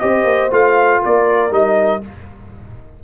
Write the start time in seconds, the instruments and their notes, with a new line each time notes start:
0.00 tuba C4, trombone G4, horn C5, trumpet D#5
0.25 tuba A#3
0.51 tuba A3, trombone F4, trumpet F5
1.02 tuba A#3, horn A#4, trumpet D5
1.51 tuba G3, trombone D#4, trumpet D#5